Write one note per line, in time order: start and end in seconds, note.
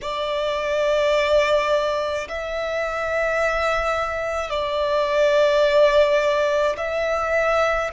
0.01 2.27 D5
2.28 4.50 E5
4.50 6.76 D5
6.77 7.90 E5